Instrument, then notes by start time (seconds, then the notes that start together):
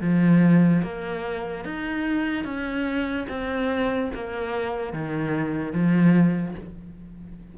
cello
0.00 F3
0.82 A#3
1.64 D#4
2.44 C#4
3.28 C4
4.14 A#3
4.92 D#3
5.72 F3